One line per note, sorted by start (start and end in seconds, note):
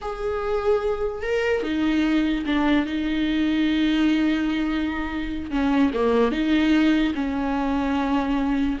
0.01 1.22 G#4
1.22 1.62 A#4
1.62 2.44 D#4
2.46 2.86 D4
2.86 5.50 D#4
5.50 5.91 C#4
5.93 6.31 A#3
6.31 7.13 D#4
7.14 8.78 C#4